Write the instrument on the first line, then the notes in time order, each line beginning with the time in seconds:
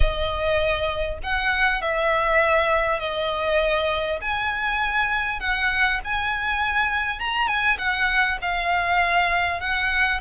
violin
0.00 D#5
1.23 F#5
1.81 E5
2.99 D#5
4.21 G#5
5.40 F#5
6.04 G#5
7.19 A#5
7.47 G#5
7.78 F#5
8.41 F5
9.60 F#5